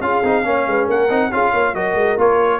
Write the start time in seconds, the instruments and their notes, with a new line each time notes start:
0.00 tuba C#4, trombone F4, horn G#4, trumpet F5
0.23 tuba C4, trombone D#4
0.43 tuba A#3, trombone C#4, horn C#5
0.66 tuba G#3, horn B4
0.86 tuba A#3, horn A#4, trumpet F#5
1.09 tuba C4, trombone D#4
1.31 tuba C#4, trombone F4, horn G#4, trumpet F5
1.51 tuba A#3, horn C#5
1.74 tuba F#3, trombone F#4, horn A#4, trumpet D#5
1.94 tuba G#3
2.17 tuba A#3, trombone F4, trumpet C#5